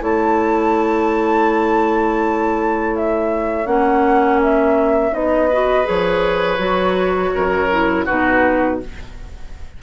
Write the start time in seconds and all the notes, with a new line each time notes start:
0.00 A3 E4 C#5 A5
2.96 E5
3.66 A#3 C#4 F#5
4.43 E5
5.12 B3 D#4 D#5
5.48 F#4 B4
5.84 F3 G#4 C#5
6.58 F#3 F#4
7.35 F#2 A#4
7.71 E4
8.05 B2 D#4 F#4 B4